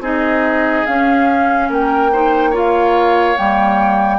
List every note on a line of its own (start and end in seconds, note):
0.00 0.83 C4
0.00 0.86 D#4
0.00 1.69 G#4
0.00 0.86 D#5
0.86 2.12 C#4
0.86 1.70 C#4
0.86 1.70 F5
1.69 3.37 A#3
1.69 2.11 A#4
1.69 2.56 G5
2.12 2.53 D#4
2.12 2.51 C5
2.51 3.36 F4
2.51 4.17 C#5
2.57 3.38 F5
3.37 4.20 G3
3.37 4.20 A#3
3.37 4.20 G5